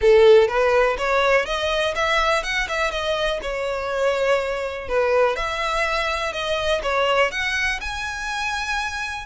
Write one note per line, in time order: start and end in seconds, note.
0.01 0.48 A4
0.48 0.96 B4
0.98 1.45 C#5
1.45 1.94 D#5
1.95 2.43 E5
2.43 2.67 F#5
2.68 2.91 E5
2.91 3.39 D#5
3.42 4.88 C#5
4.88 5.35 B4
5.35 6.32 E5
6.32 6.81 D#5
6.82 7.31 C#5
7.31 7.80 F#5
7.80 9.25 G#5